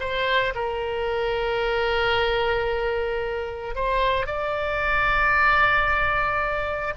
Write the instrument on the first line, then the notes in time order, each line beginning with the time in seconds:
oboe
0.00 C5
0.55 A#4
3.75 C5
4.26 D5